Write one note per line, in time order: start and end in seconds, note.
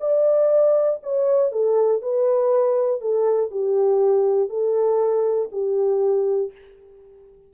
0.00 1.00 D5
1.03 1.51 C#5
1.51 2.01 A4
2.01 3.01 B4
3.01 3.51 A4
3.51 4.49 G4
4.49 5.49 A4
5.52 6.52 G4